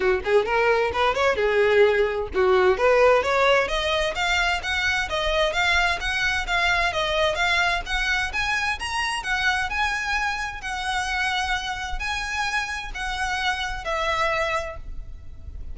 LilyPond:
\new Staff \with { instrumentName = "violin" } { \time 4/4 \tempo 4 = 130 fis'8 gis'8 ais'4 b'8 cis''8 gis'4~ | gis'4 fis'4 b'4 cis''4 | dis''4 f''4 fis''4 dis''4 | f''4 fis''4 f''4 dis''4 |
f''4 fis''4 gis''4 ais''4 | fis''4 gis''2 fis''4~ | fis''2 gis''2 | fis''2 e''2 | }